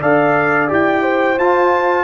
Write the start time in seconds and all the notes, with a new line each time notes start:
0.00 D4 A4 D5 F5
0.68 E4 G4 G5
1.02 C5
1.38 F4 A5